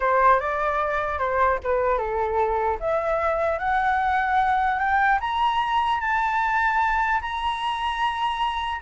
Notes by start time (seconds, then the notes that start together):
0.00 C5
0.40 D5
1.19 C5
1.63 B4
1.98 A4
2.80 E5
3.59 F#5
4.79 G5
5.20 A#5
6.00 A5
7.21 A#5